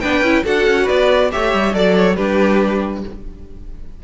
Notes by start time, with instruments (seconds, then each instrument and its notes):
0.00 cello B3, viola D4, violin B4 G5
0.21 cello C#4, viola E4
0.44 cello D4, viola F#4, violin A4 F#5
0.66 cello C#4
0.83 violin B4 D5
0.90 cello B3
1.31 cello A3, viola G4, violin C#5 E5
1.53 cello G3
1.73 cello F#3, viola A4, violin D5
1.96 violin C#5
2.16 cello G3, viola D4, violin G4 B4